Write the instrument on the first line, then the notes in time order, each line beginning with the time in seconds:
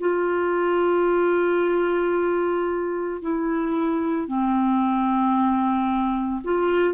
clarinet
0.00 F4
3.21 E4
4.28 C4
6.44 F4